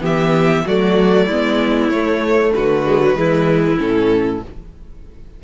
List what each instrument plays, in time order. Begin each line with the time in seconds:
0.00 cello E3, viola B3, violin G4 E5
0.65 cello F#3, viola A3, violin F#4 D5
1.26 cello G#3, viola B3, violin E4
1.88 cello A3, viola A3, violin C#5
2.54 cello D3, violin F#4 B4
2.86 viola G#3
3.00 viola F#3
3.14 cello E3, viola G#3, violin E4
3.77 cello A2, viola C#4, violin A4